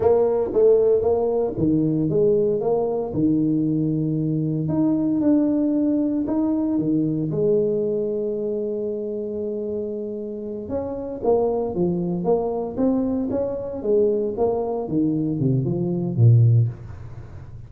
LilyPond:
\new Staff \with { instrumentName = "tuba" } { \time 4/4 \tempo 4 = 115 ais4 a4 ais4 dis4 | gis4 ais4 dis2~ | dis4 dis'4 d'2 | dis'4 dis4 gis2~ |
gis1~ | gis8 cis'4 ais4 f4 ais8~ | ais8 c'4 cis'4 gis4 ais8~ | ais8 dis4 c8 f4 ais,4 | }